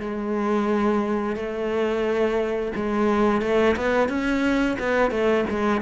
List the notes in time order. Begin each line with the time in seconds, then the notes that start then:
0.00 G#3
1.36 A3
2.76 G#3
3.42 A3
3.77 B3
4.09 C#4
4.79 B3
5.11 A3
5.49 G#3